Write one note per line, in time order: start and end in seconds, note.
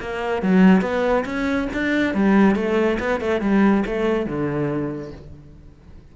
0.00 0.42 A#3
0.42 0.81 F#3
0.81 1.24 B3
1.25 1.68 C#4
1.73 2.14 D4
2.14 2.55 G3
2.55 2.98 A3
2.99 3.20 B3
3.20 3.41 A3
3.41 3.84 G3
3.86 4.26 A3
4.26 5.12 D3